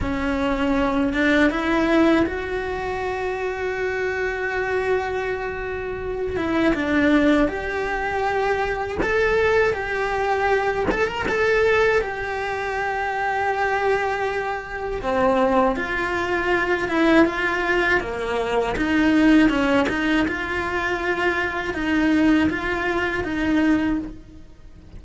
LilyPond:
\new Staff \with { instrumentName = "cello" } { \time 4/4 \tempo 4 = 80 cis'4. d'8 e'4 fis'4~ | fis'1~ | fis'8 e'8 d'4 g'2 | a'4 g'4. a'16 ais'16 a'4 |
g'1 | c'4 f'4. e'8 f'4 | ais4 dis'4 cis'8 dis'8 f'4~ | f'4 dis'4 f'4 dis'4 | }